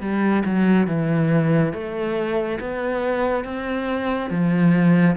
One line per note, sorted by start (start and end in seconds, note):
0.00 0.43 G3
0.45 0.87 F#3
0.87 1.73 E3
1.73 2.59 A3
2.59 3.44 B3
3.44 4.30 C4
4.30 5.16 F3